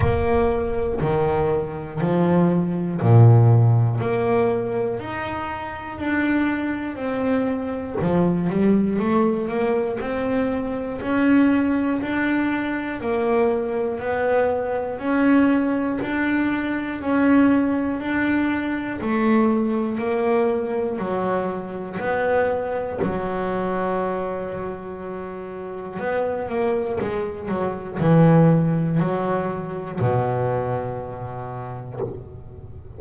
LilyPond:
\new Staff \with { instrumentName = "double bass" } { \time 4/4 \tempo 4 = 60 ais4 dis4 f4 ais,4 | ais4 dis'4 d'4 c'4 | f8 g8 a8 ais8 c'4 cis'4 | d'4 ais4 b4 cis'4 |
d'4 cis'4 d'4 a4 | ais4 fis4 b4 fis4~ | fis2 b8 ais8 gis8 fis8 | e4 fis4 b,2 | }